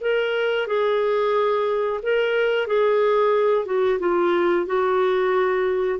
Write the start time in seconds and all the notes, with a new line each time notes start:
0.00 A#4
0.67 G#4
2.02 A#4
2.67 G#4
3.65 F#4
3.99 F4
4.66 F#4